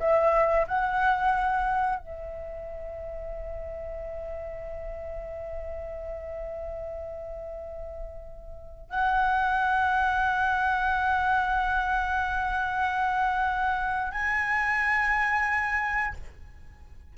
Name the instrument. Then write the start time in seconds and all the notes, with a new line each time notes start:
flute
0.00 E5
0.68 F#5
2.00 E5
8.91 F#5
14.12 G#5